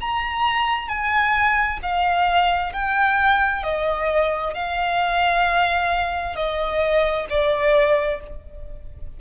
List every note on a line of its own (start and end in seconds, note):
0.00 0.88 A#5
0.88 1.79 G#5
1.82 2.73 F5
2.73 3.63 G5
3.63 4.54 D#5
4.54 6.36 F5
6.36 7.26 D#5
7.29 8.20 D5